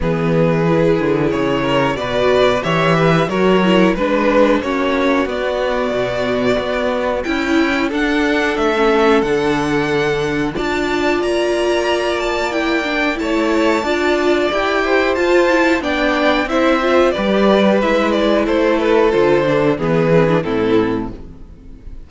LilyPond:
<<
  \new Staff \with { instrumentName = "violin" } { \time 4/4 \tempo 4 = 91 b'2 cis''4 d''4 | e''4 cis''4 b'4 cis''4 | d''2. g''4 | fis''4 e''4 fis''2 |
a''4 ais''4. a''8 g''4 | a''2 g''4 a''4 | g''4 e''4 d''4 e''8 d''8 | c''8 b'8 c''4 b'4 a'4 | }
  \new Staff \with { instrumentName = "violin" } { \time 4/4 gis'2~ gis'8 ais'8 b'4 | cis''8 b'8 ais'4 b'4 fis'4~ | fis'2. e'4 | a'1 |
d''1 | cis''4 d''4. c''4. | d''4 c''4 b'2 | a'2 gis'4 e'4 | }
  \new Staff \with { instrumentName = "viola" } { \time 4/4 b4 e'2 fis'4 | g'4 fis'8 e'8 d'4 cis'4 | b2. e'4 | d'4~ d'16 cis'8. d'2 |
f'2. e'8 d'8 | e'4 f'4 g'4 f'8 e'8 | d'4 e'8 f'8 g'4 e'4~ | e'4 f'8 d'8 b8 c'16 d'16 c'4 | }
  \new Staff \with { instrumentName = "cello" } { \time 4/4 e4. d8 cis4 b,4 | e4 fis4 gis4 ais4 | b4 b,4 b4 cis'4 | d'4 a4 d2 |
d'4 ais2. | a4 d'4 e'4 f'4 | b4 c'4 g4 gis4 | a4 d4 e4 a,4 | }
>>